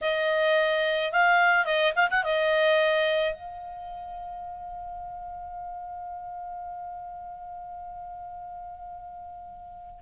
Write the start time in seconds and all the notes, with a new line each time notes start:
0.01 D#5
1.11 F5
1.65 D#5
1.95 F5
2.10 F#5
2.23 D#5
3.34 F5